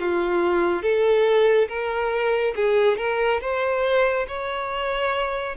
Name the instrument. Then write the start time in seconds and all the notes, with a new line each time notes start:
violin
0.00 F4
0.83 A4
1.69 A#4
2.56 G#4
2.98 A#4
3.41 C5
4.28 C#5